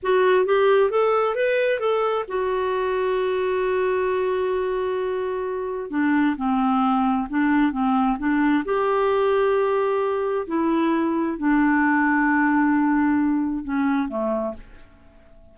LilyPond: \new Staff \with { instrumentName = "clarinet" } { \time 4/4 \tempo 4 = 132 fis'4 g'4 a'4 b'4 | a'4 fis'2.~ | fis'1~ | fis'4 d'4 c'2 |
d'4 c'4 d'4 g'4~ | g'2. e'4~ | e'4 d'2.~ | d'2 cis'4 a4 | }